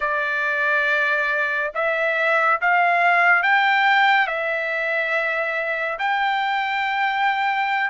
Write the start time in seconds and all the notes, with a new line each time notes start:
0.00 D5
1.74 E5
2.61 F5
3.42 G5
4.27 E5
5.98 G5